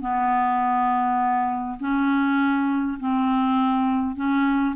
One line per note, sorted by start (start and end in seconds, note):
0.00 1.78 B3
1.80 2.98 C#4
2.99 4.15 C4
4.15 4.75 C#4